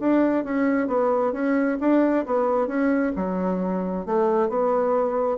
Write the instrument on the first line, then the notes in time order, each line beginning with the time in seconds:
bassoon
0.00 D4
0.44 C#4
0.88 B3
1.33 C#4
1.81 D4
2.26 B3
2.68 C#4
3.16 F#3
4.06 A3
4.49 B3